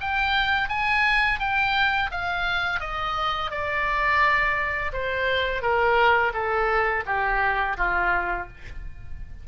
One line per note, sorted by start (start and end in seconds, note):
0.00 0.68 G5
0.68 1.39 G#5
1.39 2.10 G5
2.11 2.80 F5
2.80 3.50 D#5
3.50 4.92 D5
4.92 5.61 C5
5.61 6.32 A#4
6.33 7.04 A4
7.06 7.76 G4
7.77 8.47 F4